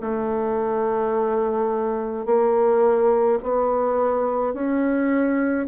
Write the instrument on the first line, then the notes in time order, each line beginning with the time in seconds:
bassoon
0.00 A3
2.25 A#3
3.43 B3
4.53 C#4